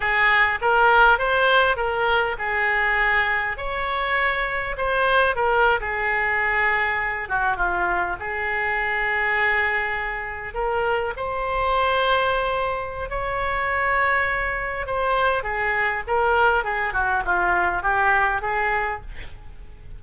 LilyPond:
\new Staff \with { instrumentName = "oboe" } { \time 4/4 \tempo 4 = 101 gis'4 ais'4 c''4 ais'4 | gis'2 cis''2 | c''4 ais'8. gis'2~ gis'16~ | gis'16 fis'8 f'4 gis'2~ gis'16~ |
gis'4.~ gis'16 ais'4 c''4~ c''16~ | c''2 cis''2~ | cis''4 c''4 gis'4 ais'4 | gis'8 fis'8 f'4 g'4 gis'4 | }